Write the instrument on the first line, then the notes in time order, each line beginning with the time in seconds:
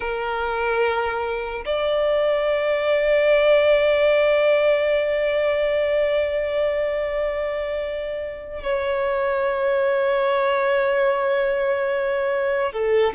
violin
0.00 A#4
1.65 D5
8.63 C#5
12.72 A4